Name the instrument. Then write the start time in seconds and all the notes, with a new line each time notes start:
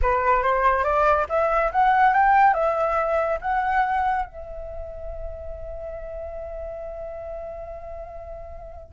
flute
0.02 B4
0.43 C5
0.84 D5
1.29 E5
1.71 F#5
2.13 G5
2.53 E5
3.41 F#5
4.26 E5